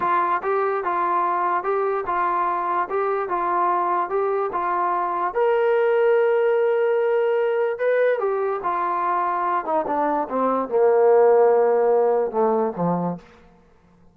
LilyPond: \new Staff \with { instrumentName = "trombone" } { \time 4/4 \tempo 4 = 146 f'4 g'4 f'2 | g'4 f'2 g'4 | f'2 g'4 f'4~ | f'4 ais'2.~ |
ais'2. b'4 | g'4 f'2~ f'8 dis'8 | d'4 c'4 ais2~ | ais2 a4 f4 | }